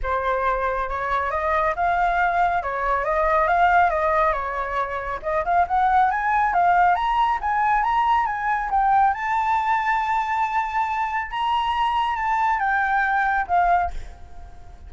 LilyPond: \new Staff \with { instrumentName = "flute" } { \time 4/4 \tempo 4 = 138 c''2 cis''4 dis''4 | f''2 cis''4 dis''4 | f''4 dis''4 cis''2 | dis''8 f''8 fis''4 gis''4 f''4 |
ais''4 gis''4 ais''4 gis''4 | g''4 a''2.~ | a''2 ais''2 | a''4 g''2 f''4 | }